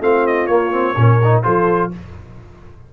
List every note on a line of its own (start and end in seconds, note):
0.00 0.48 A3
0.00 0.49 C4
0.00 0.96 F4
0.00 0.26 F5
0.26 0.46 D#5
0.46 0.95 A#3
0.46 0.71 A#3
0.46 1.41 C#5
0.71 0.95 C4
0.95 1.43 A#2
0.95 1.21 C#4
0.95 1.44 A#4
1.23 1.43 D#4
1.43 1.93 F3
1.43 1.91 F4
1.43 1.91 A4
1.43 1.90 C5